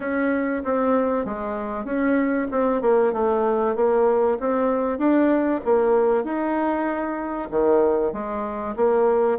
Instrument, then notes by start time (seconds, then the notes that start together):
bassoon
0.00 C#4
0.64 C4
1.25 G#3
1.84 C#4
2.51 C4
2.81 A#3
3.12 A3
3.75 A#3
4.39 C4
4.98 D4
5.64 A#3
6.23 D#4
7.50 D#3
8.12 G#3
8.76 A#3